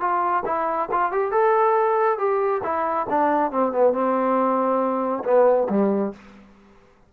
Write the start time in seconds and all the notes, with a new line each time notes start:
0.00 F4
0.45 E4
0.92 F4
1.12 G4
1.31 A4
2.18 G4
2.63 E4
3.09 D4
3.51 C4
3.72 B3
3.93 C4
5.24 B3
5.69 G3